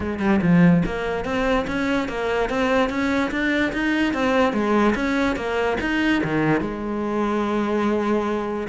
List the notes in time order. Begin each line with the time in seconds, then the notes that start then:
0.00 G#3
0.19 G3
0.41 F3
0.85 A#3
1.24 C4
1.67 C#4
2.08 A#3
2.49 C4
2.89 C#4
3.31 D4
3.72 D#4
4.13 C4
4.53 G#3
4.95 C#4
5.35 A#3
5.80 D#4
6.23 D#3
6.60 G#3